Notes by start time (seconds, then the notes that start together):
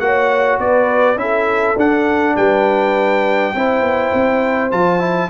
0.00 A#3 F#4 C#5 F#5
0.59 B3 B4 D5
1.16 C#4 E4 A4 E5
1.76 D4 F#5
2.36 G3 B4 G5
3.55 C4 E4 C5
3.81 B3
4.14 C4
4.71 F3 F4 A5
4.99 E4